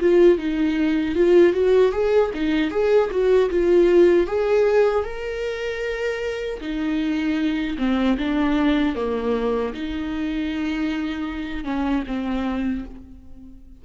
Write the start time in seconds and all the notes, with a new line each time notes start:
0.00 F4
0.38 D#4
1.15 F4
1.53 F#4
1.92 G#4
2.34 D#4
2.71 G#4
3.11 F#4
3.50 F4
4.27 G#4
5.04 A#4
6.61 D#4
7.78 C4
8.18 D4
8.95 A#3
9.74 D#4
11.65 C#4
12.07 C4